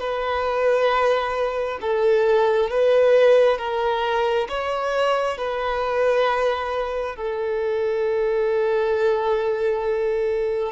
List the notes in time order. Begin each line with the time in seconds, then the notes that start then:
0.00 B4
1.82 A4
2.70 B4
3.58 A#4
4.49 C#5
5.38 B4
7.16 A4